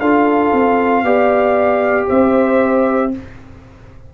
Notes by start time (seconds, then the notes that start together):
0.00 D4 F4 A4 F5
0.53 C4
1.03 B3 G4 D5
2.07 C4 C5 E5